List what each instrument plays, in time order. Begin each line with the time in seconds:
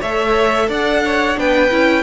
0.00 cello A3, viola A4, violin C#5 E5
0.69 cello D4, violin D5 F#5
1.05 violin C#5
1.36 cello B3, viola D4, violin B4 G5
1.71 cello C#4, viola E4